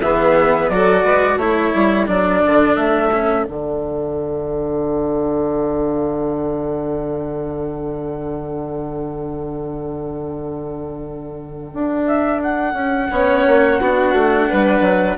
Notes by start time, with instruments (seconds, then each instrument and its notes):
0.00 bassoon E3, cello B3, violin G#4, flute E5
0.69 bassoon F#3, cello F#4, violin A4, flute D5
1.04 bassoon G#3, violin B4
1.36 bassoon A3, cello E4, violin A4, flute C#5
1.74 bassoon G3
2.05 bassoon F#3, cello D4, flute D5
2.46 bassoon D3
2.76 bassoon A3, flute E5
3.12 cello C#4
3.44 bassoon D3, cello D4, flute F#5
11.73 bassoon D4
12.06 flute E5
12.42 flute F#5
12.73 bassoon C#4
13.11 bassoon B3, cello C#4, violin C#5
13.46 bassoon A#3
13.80 bassoon B3, cello D4, violin F#4
14.13 bassoon A3
14.48 bassoon G3, violin B4
14.80 bassoon F#3